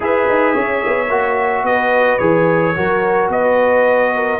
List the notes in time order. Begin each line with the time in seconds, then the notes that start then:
0.00 E4 G#4 B4 E5
0.28 D#4
0.54 C#4 C#5
0.86 B3
1.09 A#3 F#4
1.63 B3 B4 D#5
2.18 E3 G#4 C#5
2.75 F#3 F#4 A#4
3.28 B3 B4 D#5
4.15 A#4